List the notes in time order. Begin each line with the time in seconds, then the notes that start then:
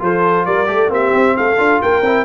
0.00 F3 F4 A4 C5
0.46 G3 A#4 D5
0.67 A3 G4 A4
0.89 A#3 C4 G4 E5
1.15 C4
1.37 A3 A4 F5
1.58 D4 F4
1.82 A#3 A#4 G5
2.02 C4 E4